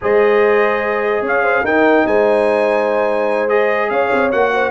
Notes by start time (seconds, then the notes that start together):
0.01 G#3 G#4 C5 D#5
1.21 C#4 C#5 F5
1.43 C5
1.63 D#4 A#4 G5
2.06 G#3 C5 G#5
3.48 G#4 D#5
3.89 C#4 C#5 F5
4.12 C4
4.31 A#3 F#4 F#5
4.54 C5